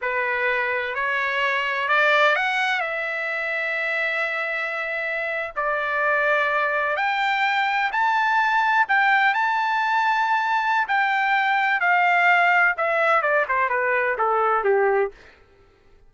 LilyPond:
\new Staff \with { instrumentName = "trumpet" } { \time 4/4 \tempo 4 = 127 b'2 cis''2 | d''4 fis''4 e''2~ | e''2.~ e''8. d''16~ | d''2~ d''8. g''4~ g''16~ |
g''8. a''2 g''4 a''16~ | a''2. g''4~ | g''4 f''2 e''4 | d''8 c''8 b'4 a'4 g'4 | }